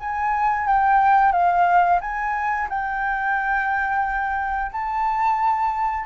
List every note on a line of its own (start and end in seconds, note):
0.00 0.67 G#5
0.67 1.32 G5
1.32 1.99 F5
2.00 2.68 G#5
2.69 4.71 G5
4.72 6.06 A5